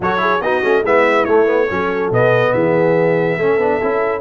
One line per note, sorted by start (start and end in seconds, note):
0.00 0.41 F#3
0.00 0.17 F#4
0.00 0.21 A4
0.00 0.41 C#5
0.17 0.38 E4
0.17 0.42 G#4
0.41 0.62 B3
0.41 0.62 D#4
0.41 0.82 F#4
0.41 0.84 D#5
0.62 0.82 A3
0.62 0.83 C#4
0.82 1.25 G#3
0.82 1.27 B3
0.82 1.66 E4
0.82 1.25 E5
1.25 1.70 A3
1.25 1.46 A3
1.25 2.09 C#5
1.46 1.67 B3
1.70 2.10 F#3
1.70 2.12 C#4
1.70 2.53 A4
2.10 2.53 B2
2.10 3.39 B3
2.10 2.53 D#5
2.53 3.37 E3
2.53 3.37 G#4
2.53 4.21 E5
3.37 3.57 A3
3.37 3.60 C#4
3.37 4.21 A4
3.57 3.79 B3
3.57 3.81 D4
3.81 4.21 C#4
3.81 4.21 E4